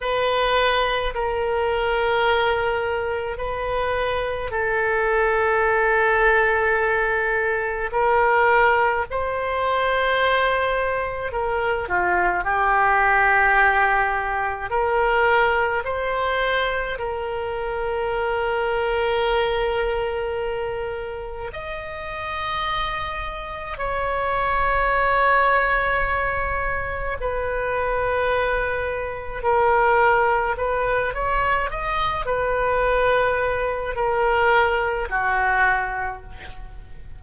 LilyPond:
\new Staff \with { instrumentName = "oboe" } { \time 4/4 \tempo 4 = 53 b'4 ais'2 b'4 | a'2. ais'4 | c''2 ais'8 f'8 g'4~ | g'4 ais'4 c''4 ais'4~ |
ais'2. dis''4~ | dis''4 cis''2. | b'2 ais'4 b'8 cis''8 | dis''8 b'4. ais'4 fis'4 | }